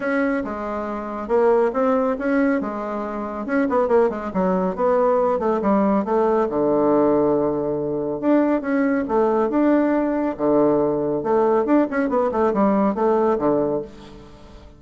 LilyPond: \new Staff \with { instrumentName = "bassoon" } { \time 4/4 \tempo 4 = 139 cis'4 gis2 ais4 | c'4 cis'4 gis2 | cis'8 b8 ais8 gis8 fis4 b4~ | b8 a8 g4 a4 d4~ |
d2. d'4 | cis'4 a4 d'2 | d2 a4 d'8 cis'8 | b8 a8 g4 a4 d4 | }